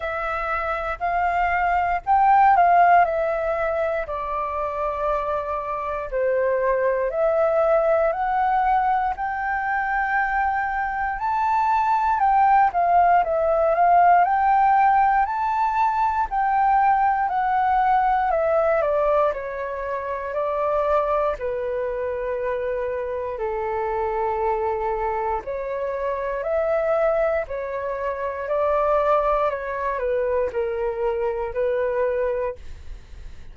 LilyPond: \new Staff \with { instrumentName = "flute" } { \time 4/4 \tempo 4 = 59 e''4 f''4 g''8 f''8 e''4 | d''2 c''4 e''4 | fis''4 g''2 a''4 | g''8 f''8 e''8 f''8 g''4 a''4 |
g''4 fis''4 e''8 d''8 cis''4 | d''4 b'2 a'4~ | a'4 cis''4 e''4 cis''4 | d''4 cis''8 b'8 ais'4 b'4 | }